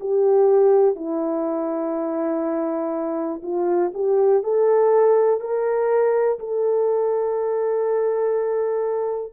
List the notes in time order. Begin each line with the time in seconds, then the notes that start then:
0.00 G4
0.96 E4
3.43 F4
3.94 G4
4.44 A4
5.41 A#4
6.39 A4